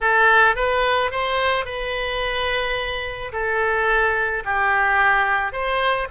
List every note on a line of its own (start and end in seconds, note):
0.00 0.55 A4
0.55 1.11 B4
1.11 1.65 C5
1.65 3.32 B4
3.32 4.43 A4
4.44 5.52 G4
5.52 6.08 C5